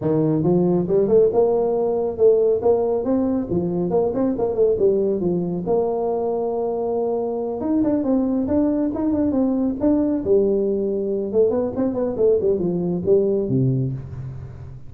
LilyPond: \new Staff \with { instrumentName = "tuba" } { \time 4/4 \tempo 4 = 138 dis4 f4 g8 a8 ais4~ | ais4 a4 ais4 c'4 | f4 ais8 c'8 ais8 a8 g4 | f4 ais2.~ |
ais4. dis'8 d'8 c'4 d'8~ | d'8 dis'8 d'8 c'4 d'4 g8~ | g2 a8 b8 c'8 b8 | a8 g8 f4 g4 c4 | }